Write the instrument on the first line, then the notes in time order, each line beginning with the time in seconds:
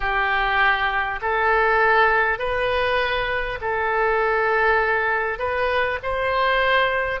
oboe
0.00 G4
1.21 A4
2.38 B4
3.61 A4
5.38 B4
6.03 C5